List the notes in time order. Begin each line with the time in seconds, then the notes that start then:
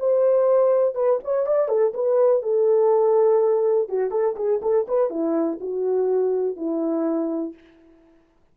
0.00 C5
0.95 B4
1.24 C#5
1.47 D5
1.69 A4
1.95 B4
2.43 A4
3.89 F#4
4.12 A4
4.36 G#4
4.62 A4
4.88 B4
5.11 E4
5.61 F#4
6.57 E4